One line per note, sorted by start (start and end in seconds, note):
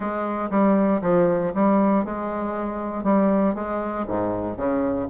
0.00 0.49 G#3
0.50 1.01 G3
1.01 1.52 F3
1.54 2.05 G3
2.05 3.03 G#3
3.03 3.54 G3
3.54 4.05 G#3
4.07 4.56 G#2
4.56 5.07 C#3